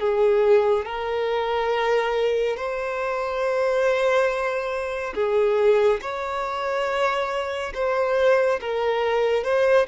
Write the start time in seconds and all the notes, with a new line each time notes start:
0.00 G#4
0.86 A#4
2.57 C5
5.15 G#4
6.02 C#5
7.74 C5
8.61 A#4
9.44 C5